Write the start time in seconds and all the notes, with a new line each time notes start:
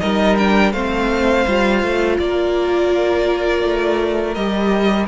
0.00 G3 D#4 A#4 D#5
0.37 D4 G5
0.72 A3 C4 C5 F5
1.47 G3 F4
1.82 A3
2.18 A#3 A#4 D5
3.63 A3
4.34 G3 G4 D#5